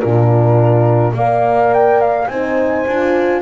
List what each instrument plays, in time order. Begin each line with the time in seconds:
0.00 double bass A#2, horn D4 F4, flute A#4
1.13 double bass A#3, horn A#4 D5, flute F5
1.74 flute G5
2.00 flute F5
2.28 double bass C4, horn D#4 C5, flute G#5
2.87 double bass D4, horn F4